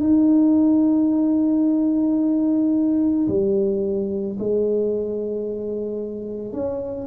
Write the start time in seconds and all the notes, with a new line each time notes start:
0.00 D#4
3.28 G3
4.39 G#3
6.53 C#4